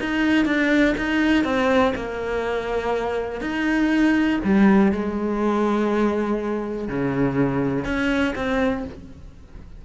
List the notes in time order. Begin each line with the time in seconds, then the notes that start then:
0.00 D#4
0.45 D4
0.97 D#4
1.44 C4
1.95 A#3
3.41 D#4
4.44 G3
4.92 G#3
6.88 C#3
7.84 C#4
8.35 C4